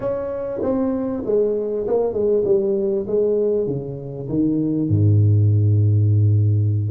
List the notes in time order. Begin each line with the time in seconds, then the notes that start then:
0.00 C#4
0.62 C4
1.25 G#3
1.87 A#3
2.13 G#3
2.44 G3
3.07 G#3
3.67 C#3
4.29 D#3
4.89 G#2